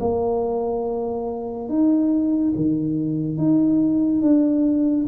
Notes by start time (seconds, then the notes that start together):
0.00 A#3
1.69 D#4
2.56 D#3
3.38 D#4
4.21 D4